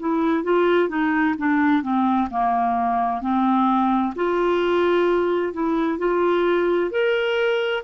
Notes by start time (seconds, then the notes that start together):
0.00 E4
0.44 F4
0.89 D#4
1.38 D4
1.83 C4
2.30 A#3
3.21 C4
4.16 F4
5.53 E4
5.99 F4
6.91 A#4